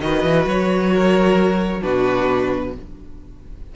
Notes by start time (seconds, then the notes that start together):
0.00 D#3 F#4 B4 D#5
0.22 E3
0.46 F#3 C#5
0.93 A#4
1.81 B2 D4 F#4 B4